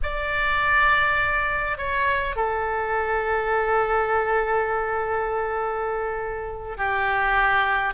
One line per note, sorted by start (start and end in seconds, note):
0.02 1.77 D5
1.77 2.36 C#5
2.36 6.77 A4
6.77 7.93 G4